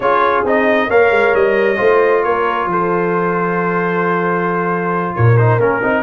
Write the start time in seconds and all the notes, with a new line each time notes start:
0.00 C#4 F4 G#4 C#5
0.43 C4 D#4 D#5
0.88 A#3 A#4 C#5 F5
1.10 G#3
1.34 G3 D#5
1.76 A3 F4 C5
2.23 A#3 A#4 C#5
2.65 F3 A4
2.71 C5
5.15 A#2 A#4 C#5
5.37 D#4 C5
5.58 A#3 C#4 A#4
5.82 C4 D#4